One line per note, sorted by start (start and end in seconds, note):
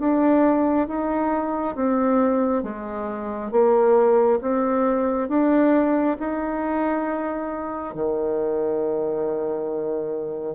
0.00 0.88 D4
0.88 1.76 D#4
1.76 2.64 C4
2.64 3.52 G#3
3.52 4.40 A#3
4.42 5.29 C4
5.29 6.17 D4
6.20 7.95 D#4
7.95 10.56 D#3